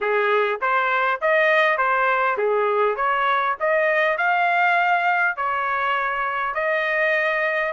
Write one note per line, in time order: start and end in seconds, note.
0.00 0.60 G#4
0.61 1.20 C5
1.21 1.77 D#5
1.77 2.37 C5
2.37 2.96 G#4
2.96 3.55 C#5
3.60 4.17 D#5
4.17 5.36 F5
5.36 6.54 C#5
6.54 7.72 D#5